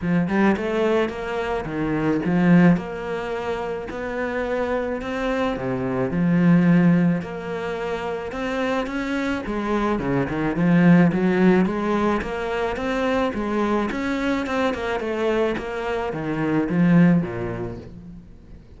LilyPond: \new Staff \with { instrumentName = "cello" } { \time 4/4 \tempo 4 = 108 f8 g8 a4 ais4 dis4 | f4 ais2 b4~ | b4 c'4 c4 f4~ | f4 ais2 c'4 |
cis'4 gis4 cis8 dis8 f4 | fis4 gis4 ais4 c'4 | gis4 cis'4 c'8 ais8 a4 | ais4 dis4 f4 ais,4 | }